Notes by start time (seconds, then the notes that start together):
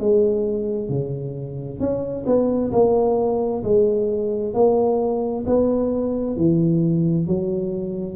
0.00 G#3
0.89 C#3
1.80 C#4
2.26 B3
2.72 A#3
3.63 G#3
4.54 A#3
5.46 B3
6.37 E3
7.27 F#3